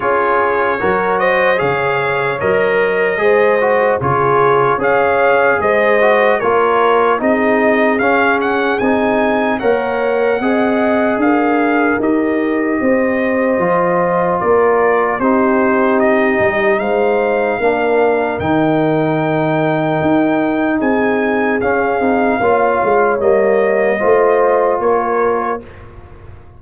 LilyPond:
<<
  \new Staff \with { instrumentName = "trumpet" } { \time 4/4 \tempo 4 = 75 cis''4. dis''8 f''4 dis''4~ | dis''4 cis''4 f''4 dis''4 | cis''4 dis''4 f''8 fis''8 gis''4 | fis''2 f''4 dis''4~ |
dis''2 d''4 c''4 | dis''4 f''2 g''4~ | g''2 gis''4 f''4~ | f''4 dis''2 cis''4 | }
  \new Staff \with { instrumentName = "horn" } { \time 4/4 gis'4 ais'8 c''8 cis''2 | c''4 gis'4 cis''4 c''4 | ais'4 gis'2. | cis''4 dis''4 ais'2 |
c''2 ais'4 g'4~ | g'4 c''4 ais'2~ | ais'2 gis'2 | cis''2 c''4 ais'4 | }
  \new Staff \with { instrumentName = "trombone" } { \time 4/4 f'4 fis'4 gis'4 ais'4 | gis'8 fis'8 f'4 gis'4. fis'8 | f'4 dis'4 cis'4 dis'4 | ais'4 gis'2 g'4~ |
g'4 f'2 dis'4~ | dis'2 d'4 dis'4~ | dis'2. cis'8 dis'8 | f'4 ais4 f'2 | }
  \new Staff \with { instrumentName = "tuba" } { \time 4/4 cis'4 fis4 cis4 fis4 | gis4 cis4 cis'4 gis4 | ais4 c'4 cis'4 c'4 | ais4 c'4 d'4 dis'4 |
c'4 f4 ais4 c'4~ | c'8 g8 gis4 ais4 dis4~ | dis4 dis'4 c'4 cis'8 c'8 | ais8 gis8 g4 a4 ais4 | }
>>